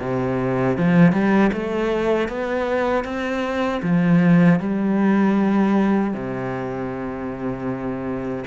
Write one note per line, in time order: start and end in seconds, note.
0.00 0.77 C3
0.77 1.12 F3
1.12 1.51 G3
1.52 2.28 A3
2.28 3.04 B3
3.04 3.81 C4
3.82 4.59 F3
4.59 6.13 G3
6.13 8.44 C3